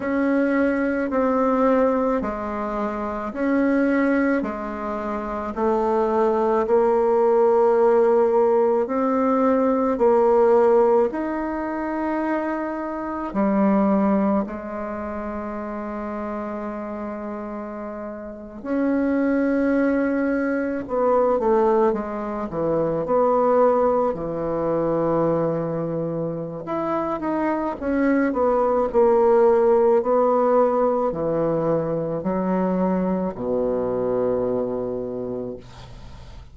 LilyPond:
\new Staff \with { instrumentName = "bassoon" } { \time 4/4 \tempo 4 = 54 cis'4 c'4 gis4 cis'4 | gis4 a4 ais2 | c'4 ais4 dis'2 | g4 gis2.~ |
gis8. cis'2 b8 a8 gis16~ | gis16 e8 b4 e2~ e16 | e'8 dis'8 cis'8 b8 ais4 b4 | e4 fis4 b,2 | }